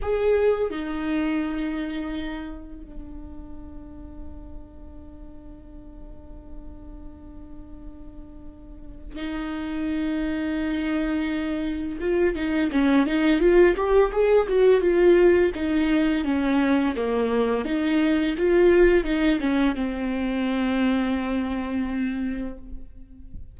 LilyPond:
\new Staff \with { instrumentName = "viola" } { \time 4/4 \tempo 4 = 85 gis'4 dis'2. | d'1~ | d'1~ | d'4 dis'2.~ |
dis'4 f'8 dis'8 cis'8 dis'8 f'8 g'8 | gis'8 fis'8 f'4 dis'4 cis'4 | ais4 dis'4 f'4 dis'8 cis'8 | c'1 | }